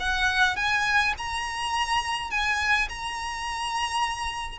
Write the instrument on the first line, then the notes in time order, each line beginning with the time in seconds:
violin
0.00 F#5
0.56 G#5
1.18 A#5
2.31 G#5
2.89 A#5